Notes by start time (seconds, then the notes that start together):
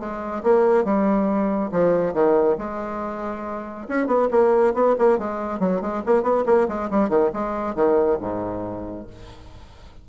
0.00 G#3
0.44 A#3
0.85 G3
1.72 F3
2.14 D#3
2.58 G#3
3.89 C#4
4.07 B3
4.31 A#3
4.74 B3
4.99 A#3
5.19 G#3
5.60 F#3
5.81 G#3
6.06 A#3
6.23 B3
6.46 A#3
6.69 G#3
6.91 G3
7.10 D#3
7.34 G#3
7.76 D#3
8.21 G#2